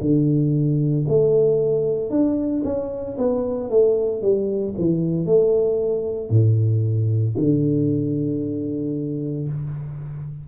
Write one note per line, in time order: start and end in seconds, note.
0.00 1.05 D3
1.08 2.10 A3
2.10 2.62 D4
2.64 3.16 C#4
3.18 3.69 B3
3.69 4.21 A3
4.21 4.74 G3
4.77 5.25 E3
5.25 6.29 A3
6.29 7.34 A2
7.37 9.47 D3